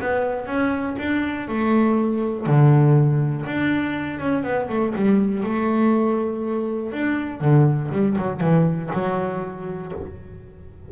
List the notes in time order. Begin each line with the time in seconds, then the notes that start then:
0.00 B3
0.47 C#4
0.98 D4
1.48 A3
2.46 D3
3.46 D4
4.20 C#4
4.44 B3
4.69 A3
4.95 G3
5.43 A3
6.92 D4
7.41 D3
7.92 G3
8.18 F#3
8.41 E3
8.93 F#3